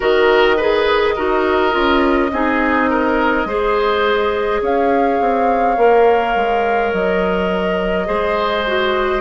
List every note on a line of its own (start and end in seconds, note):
0.00 1.16 D#3
0.00 0.56 F#4
0.00 0.56 A#4
0.00 4.63 D#5
0.56 1.17 G#4
0.56 1.14 B4
1.15 1.75 D#4
1.15 1.71 F#4
1.15 2.31 A#4
1.71 2.31 C#4
1.71 2.29 F4
2.31 3.45 C4
2.31 3.47 D#4
2.31 2.89 G#4
2.89 3.47 A#4
3.45 4.60 G#3
3.45 5.77 G#4
3.45 4.61 C5
4.61 5.19 C#4
4.61 8.07 C#5
4.61 6.93 F5
5.20 5.77 C4
5.77 6.35 A#3
5.77 8.06 A#4
6.35 6.92 G#3
6.93 8.07 F#3
6.93 9.20 D#5
8.06 9.20 G#3
8.06 8.63 G#4
8.06 9.20 C5
8.67 9.20 F#4